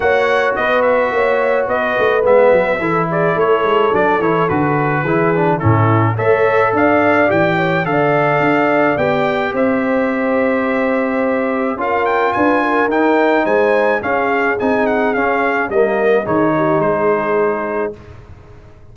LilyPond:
<<
  \new Staff \with { instrumentName = "trumpet" } { \time 4/4 \tempo 4 = 107 fis''4 dis''8 e''4. dis''4 | e''4. d''8 cis''4 d''8 cis''8 | b'2 a'4 e''4 | f''4 g''4 f''2 |
g''4 e''2.~ | e''4 f''8 g''8 gis''4 g''4 | gis''4 f''4 gis''8 fis''8 f''4 | dis''4 cis''4 c''2 | }
  \new Staff \with { instrumentName = "horn" } { \time 4/4 cis''4 b'4 cis''4 b'4~ | b'4 a'8 gis'8 a'2~ | a'4 gis'4 e'4 cis''4 | d''4. cis''8 d''2~ |
d''4 c''2.~ | c''4 ais'4 b'8 ais'4. | c''4 gis'2. | ais'4 gis'8 g'8 gis'2 | }
  \new Staff \with { instrumentName = "trombone" } { \time 4/4 fis'1 | b4 e'2 d'8 e'8 | fis'4 e'8 d'8 cis'4 a'4~ | a'4 g'4 a'2 |
g'1~ | g'4 f'2 dis'4~ | dis'4 cis'4 dis'4 cis'4 | ais4 dis'2. | }
  \new Staff \with { instrumentName = "tuba" } { \time 4/4 ais4 b4 ais4 b8 a8 | gis8 fis8 e4 a8 gis8 fis8 e8 | d4 e4 a,4 a4 | d'4 e4 d4 d'4 |
b4 c'2.~ | c'4 cis'4 d'4 dis'4 | gis4 cis'4 c'4 cis'4 | g4 dis4 gis2 | }
>>